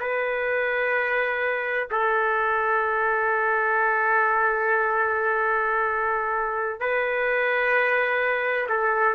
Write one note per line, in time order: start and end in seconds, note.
0.00 1.87 B4
1.91 6.80 A4
6.80 8.68 B4
8.69 9.15 A4